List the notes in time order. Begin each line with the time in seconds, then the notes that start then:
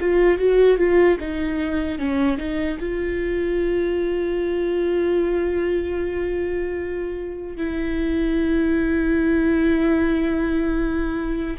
0.00 F4
0.38 F#4
0.78 F4
1.20 D#4
1.99 C#4
2.37 D#4
2.80 F4
7.57 E4